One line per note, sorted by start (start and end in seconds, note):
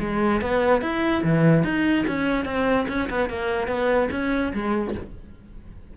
0.00 0.41 G#3
0.42 0.81 B3
0.81 1.23 E4
1.24 1.64 E3
1.64 2.05 D#4
2.07 2.45 C#4
2.45 2.87 C4
2.88 3.09 C#4
3.10 3.30 B3
3.30 3.68 A#3
3.68 4.09 B3
4.11 4.53 C#4
4.53 4.95 G#3